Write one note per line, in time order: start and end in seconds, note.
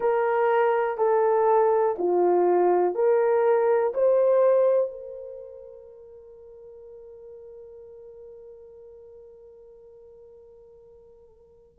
0.00 0.97 A#4
0.97 1.96 A4
1.98 2.94 F4
2.94 3.93 A#4
3.93 4.91 C5
4.91 11.78 A#4